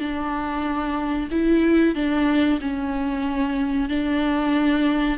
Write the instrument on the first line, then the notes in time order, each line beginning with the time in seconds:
viola
0.00 D4
1.31 E4
1.95 D4
2.61 C#4
3.89 D4